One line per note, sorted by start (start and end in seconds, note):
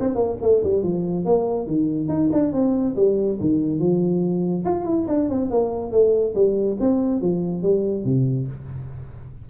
0.00 0.15 C4
0.15 0.36 A#3
0.42 0.63 A3
0.64 0.83 G3
0.83 1.25 F3
1.25 1.67 A#3
1.67 2.09 D#3
2.09 2.30 D#4
2.32 2.53 D4
2.53 2.96 C4
2.96 3.39 G3
3.41 3.79 D#3
3.79 4.64 F3
4.65 4.85 F4
4.85 5.07 E4
5.08 5.29 D4
5.29 5.50 C4
5.51 5.92 A#3
5.92 6.34 A3
6.35 6.77 G3
6.80 7.21 C4
7.21 7.63 F3
7.63 8.04 G3
8.04 8.47 C3